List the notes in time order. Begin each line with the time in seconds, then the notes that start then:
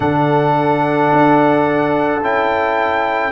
0.00 D3 D4 A4 F#5
1.12 D4
2.22 C#4 E4 G5